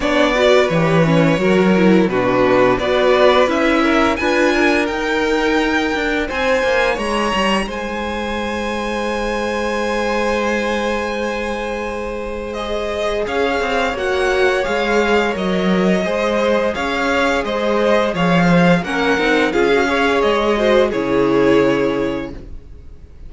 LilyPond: <<
  \new Staff \with { instrumentName = "violin" } { \time 4/4 \tempo 4 = 86 d''4 cis''2 b'4 | d''4 e''4 gis''4 g''4~ | g''4 gis''4 ais''4 gis''4~ | gis''1~ |
gis''2 dis''4 f''4 | fis''4 f''4 dis''2 | f''4 dis''4 f''4 fis''4 | f''4 dis''4 cis''2 | }
  \new Staff \with { instrumentName = "violin" } { \time 4/4 cis''8 b'4. ais'4 fis'4 | b'4. ais'8 b'8 ais'4.~ | ais'4 c''4 cis''4 c''4~ | c''1~ |
c''2. cis''4~ | cis''2. c''4 | cis''4 c''4 cis''8 c''8 ais'4 | gis'8 cis''4 c''8 gis'2 | }
  \new Staff \with { instrumentName = "viola" } { \time 4/4 d'8 fis'8 g'8 cis'8 fis'8 e'8 d'4 | fis'4 e'4 f'4 dis'4~ | dis'1~ | dis'1~ |
dis'2 gis'2 | fis'4 gis'4 ais'4 gis'4~ | gis'2. cis'8 dis'8 | f'16 fis'16 gis'4 fis'8 e'2 | }
  \new Staff \with { instrumentName = "cello" } { \time 4/4 b4 e4 fis4 b,4 | b4 cis'4 d'4 dis'4~ | dis'8 d'8 c'8 ais8 gis8 g8 gis4~ | gis1~ |
gis2. cis'8 c'8 | ais4 gis4 fis4 gis4 | cis'4 gis4 f4 ais8 c'8 | cis'4 gis4 cis2 | }
>>